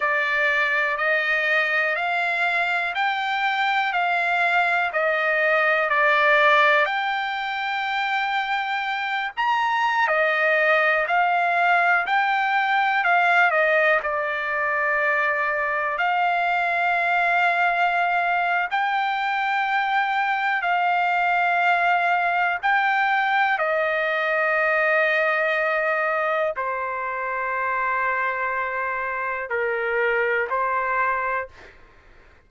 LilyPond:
\new Staff \with { instrumentName = "trumpet" } { \time 4/4 \tempo 4 = 61 d''4 dis''4 f''4 g''4 | f''4 dis''4 d''4 g''4~ | g''4. ais''8. dis''4 f''8.~ | f''16 g''4 f''8 dis''8 d''4.~ d''16~ |
d''16 f''2~ f''8. g''4~ | g''4 f''2 g''4 | dis''2. c''4~ | c''2 ais'4 c''4 | }